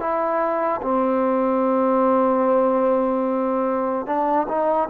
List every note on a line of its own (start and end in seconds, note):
0.00 0.81 E4
0.82 4.07 C4
4.07 4.47 D4
4.49 4.89 D#4